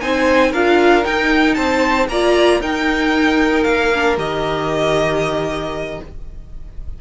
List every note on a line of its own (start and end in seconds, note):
0.00 0.53 C4
0.00 0.53 D#4
0.00 0.51 C5
0.00 0.52 G#5
0.51 1.05 D4
0.51 1.03 F4
0.51 1.55 A#4
0.51 1.04 F5
1.03 2.07 D#4
1.03 1.57 D#4
1.03 1.54 G5
1.54 2.08 C4
1.54 2.08 C5
1.54 2.06 A5
2.08 2.60 A#3
2.08 2.61 F4
2.08 2.60 D5
2.08 2.61 A#5
2.60 3.64 D#4
2.60 3.92 D#4
2.60 5.99 A#4
2.60 3.63 G5
3.63 4.17 A#3
3.63 4.15 F5
3.94 4.17 D4
4.17 5.99 D#3
4.17 6.00 G4
4.17 6.01 D#5